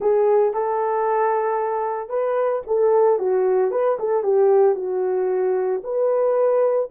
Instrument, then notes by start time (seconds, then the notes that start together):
horn
0.00 G#4
0.53 A4
2.09 B4
2.67 A4
3.18 F#4
3.71 B4
3.99 A4
4.23 G4
4.75 F#4
5.83 B4